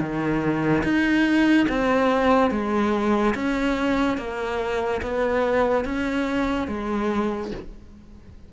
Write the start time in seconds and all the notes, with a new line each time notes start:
0.00 D#3
0.84 D#4
1.69 C4
2.51 G#3
3.35 C#4
4.18 A#3
5.02 B3
5.85 C#4
6.68 G#3